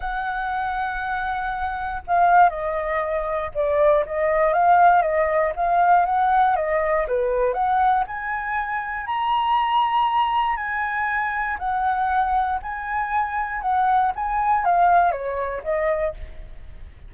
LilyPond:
\new Staff \with { instrumentName = "flute" } { \time 4/4 \tempo 4 = 119 fis''1 | f''4 dis''2 d''4 | dis''4 f''4 dis''4 f''4 | fis''4 dis''4 b'4 fis''4 |
gis''2 ais''2~ | ais''4 gis''2 fis''4~ | fis''4 gis''2 fis''4 | gis''4 f''4 cis''4 dis''4 | }